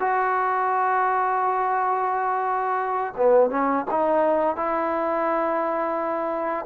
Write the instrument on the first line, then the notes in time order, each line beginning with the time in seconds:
trombone
0.00 F#4
3.17 B3
3.51 C#4
3.91 D#4
4.56 E4